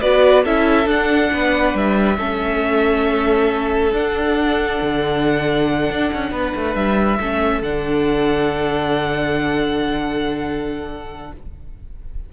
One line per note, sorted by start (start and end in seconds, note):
0.00 0.45 B3
0.00 0.45 F#4
0.00 0.43 B4
0.00 0.43 D5
0.44 0.86 C#4
0.44 0.85 E4
0.44 1.31 A4
0.44 0.88 E5
0.85 2.16 D4
0.85 1.29 D4
0.85 1.76 F#5
1.32 1.74 B3
1.32 2.17 B4
1.74 2.17 G3
1.74 3.94 E5
2.17 3.91 A3
2.17 3.92 C#4
2.17 6.30 A4
3.92 4.79 D4
3.92 7.19 D4
3.92 6.75 F#5
4.81 5.90 D3
5.90 6.11 D4
6.13 6.31 C#4
6.31 6.53 B3
6.31 7.19 B4
6.55 6.75 A3
6.75 7.18 G3
6.75 7.62 E5
7.19 7.61 A3
7.19 7.63 C#4
7.19 11.33 A4
7.61 11.31 D3
7.61 11.32 D4
7.61 11.32 F#5